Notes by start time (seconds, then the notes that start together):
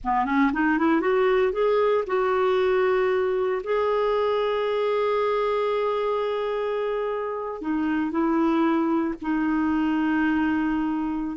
0.04 B3
0.25 C#4
0.53 D#4
0.78 E4
1.01 F#4
1.52 G#4
2.06 F#4
3.63 G#4
7.61 D#4
8.11 E4
9.21 D#4